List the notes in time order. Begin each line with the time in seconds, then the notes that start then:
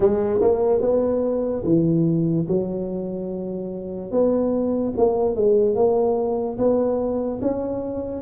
0.00 G#3
0.41 A#3
0.80 B3
1.64 E3
2.47 F#3
4.11 B3
4.97 A#3
5.35 G#3
5.75 A#3
6.58 B3
7.41 C#4